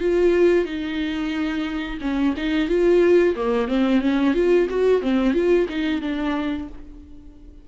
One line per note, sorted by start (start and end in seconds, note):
0.00 0.65 F4
0.65 1.99 D#4
2.01 2.35 C#4
2.37 2.69 D#4
2.69 3.35 F4
3.36 3.68 A#3
3.68 4.01 C4
4.01 4.34 C#4
4.34 4.68 F4
4.70 5.02 F#4
5.02 5.34 C4
5.34 5.67 F4
5.69 6.02 D#4
6.02 6.68 D4